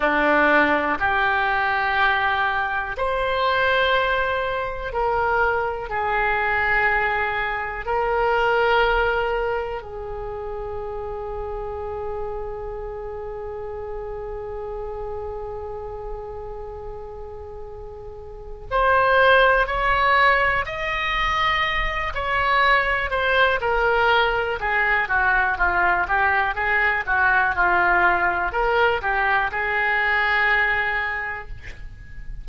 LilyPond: \new Staff \with { instrumentName = "oboe" } { \time 4/4 \tempo 4 = 61 d'4 g'2 c''4~ | c''4 ais'4 gis'2 | ais'2 gis'2~ | gis'1~ |
gis'2. c''4 | cis''4 dis''4. cis''4 c''8 | ais'4 gis'8 fis'8 f'8 g'8 gis'8 fis'8 | f'4 ais'8 g'8 gis'2 | }